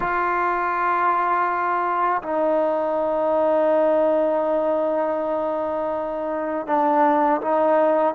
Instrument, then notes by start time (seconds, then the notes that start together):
trombone
0.00 F4
2.22 D#4
6.67 D4
7.41 D#4